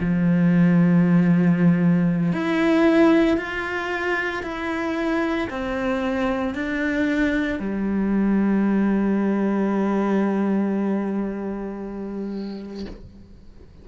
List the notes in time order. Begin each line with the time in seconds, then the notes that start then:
0.00 F3
2.33 E4
3.37 F4
4.43 E4
5.49 C4
6.54 D4
7.59 G3